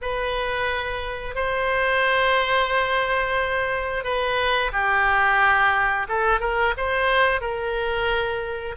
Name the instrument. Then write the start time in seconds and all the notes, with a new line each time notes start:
oboe
0.01 B4
1.35 C5
4.04 B4
4.72 G4
6.08 A4
6.40 A#4
6.77 C5
7.40 A#4